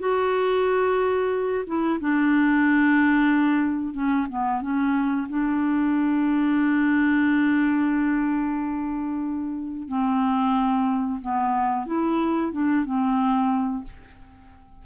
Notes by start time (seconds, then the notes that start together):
0.00 F#4
1.67 E4
2.00 D4
3.94 C#4
4.30 B3
4.62 C#4
5.29 D4
9.89 C4
11.22 B3
11.87 E4
12.52 D4
12.85 C4